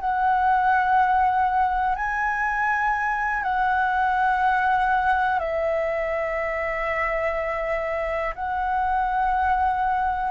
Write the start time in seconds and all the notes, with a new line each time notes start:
0.00 F#5
1.95 G#5
3.42 F#5
5.39 E5
8.34 F#5